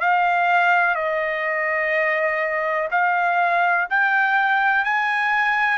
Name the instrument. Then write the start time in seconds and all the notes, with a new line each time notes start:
trumpet
0.00 F5
0.95 D#5
2.91 F5
3.90 G5
4.84 G#5